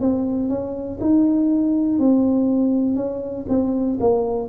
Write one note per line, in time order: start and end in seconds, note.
0.00 0.50 C4
0.50 1.00 C#4
1.00 2.00 D#4
2.00 2.96 C4
2.96 3.46 C#4
3.49 3.99 C4
4.00 4.49 A#3